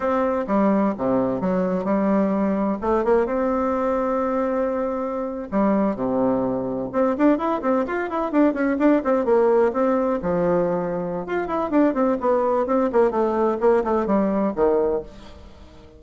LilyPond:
\new Staff \with { instrumentName = "bassoon" } { \time 4/4 \tempo 4 = 128 c'4 g4 c4 fis4 | g2 a8 ais8 c'4~ | c'2.~ c'8. g16~ | g8. c2 c'8 d'8 e'16~ |
e'16 c'8 f'8 e'8 d'8 cis'8 d'8 c'8 ais16~ | ais8. c'4 f2~ f16 | f'8 e'8 d'8 c'8 b4 c'8 ais8 | a4 ais8 a8 g4 dis4 | }